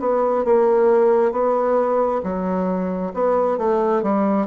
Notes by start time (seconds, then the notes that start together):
0.00 B3
0.45 A#3
1.32 B3
2.23 F#3
3.14 B3
3.58 A3
4.03 G3